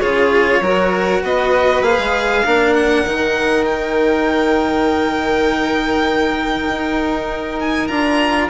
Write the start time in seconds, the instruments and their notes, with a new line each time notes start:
0.00 bassoon C#3, cello F4, violin G#4 C#5
0.61 bassoon F#3, cello F#4, violin A#4
1.22 bassoon B3, violin B4 D#5
1.82 bassoon A#3, cello G#4, violin F5
1.99 bassoon G#3
2.45 bassoon A#3, cello D4, violin A#4
2.74 violin F#5
3.05 bassoon D#3, cello D#4
3.65 violin G5
6.69 bassoon D#4
7.60 violin G#5
7.87 bassoon D4, cello F4, violin A#5